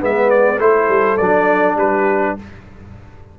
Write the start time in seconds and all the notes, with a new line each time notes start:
0.00 G#3 B3 B4 E5
0.30 D5
0.60 A3 E4 A4 C5
0.89 G3
1.18 F#3 D4 D5
1.77 G3 G4 B4